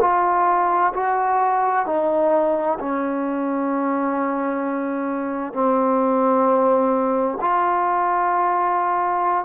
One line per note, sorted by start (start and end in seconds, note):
0.00 0.92 F4
0.93 1.85 F#4
1.85 2.78 D#4
2.79 5.53 C#4
5.53 7.38 C4
7.41 9.45 F4